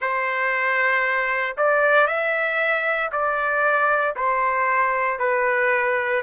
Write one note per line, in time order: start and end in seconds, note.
0.01 1.56 C5
1.57 2.07 D5
2.07 3.10 E5
3.11 4.15 D5
4.16 5.19 C5
5.19 6.22 B4